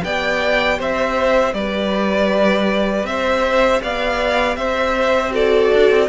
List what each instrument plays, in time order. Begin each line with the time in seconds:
0.00 cello B3, viola G4, violin D5 G5
0.78 cello C4, violin C5 E5
1.53 cello G3, violin B4 D5
3.03 cello C4, violin C5 E5
3.81 cello B3, violin D5 F5
4.56 cello C4, violin C5 E5
5.31 viola F#4, violin A4 D5
5.74 cello D4
5.90 cello C4